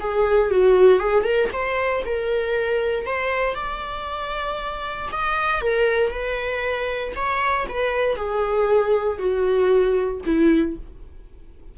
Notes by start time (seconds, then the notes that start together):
0.00 G#4
0.51 F#4
0.99 G#4
1.24 A#4
1.53 C5
2.05 A#4
3.06 C5
3.55 D5
5.12 D#5
5.61 A#4
6.10 B4
7.15 C#5
7.69 B4
8.16 G#4
9.18 F#4
10.25 E4